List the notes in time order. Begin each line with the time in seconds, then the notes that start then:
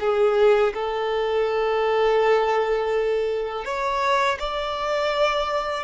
0.00 G#4
0.74 A4
3.65 C#5
4.39 D5